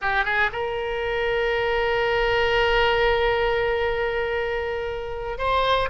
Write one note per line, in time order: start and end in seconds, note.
0.01 0.24 G4
0.24 0.50 G#4
0.52 5.38 A#4
5.38 5.89 C5